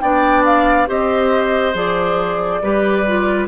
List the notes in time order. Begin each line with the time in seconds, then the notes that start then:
0.00 B3 D4 D5 G5
0.45 F5
0.87 C4 G4 C5 D#5
1.74 F3 G#4 D5
2.62 G3 G4 B4
3.07 F4